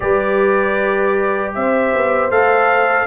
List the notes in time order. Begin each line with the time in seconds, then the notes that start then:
0.00 G3 G4 B4 D5
1.54 C4 C5 E5
1.93 B3
2.30 A3 A4 F5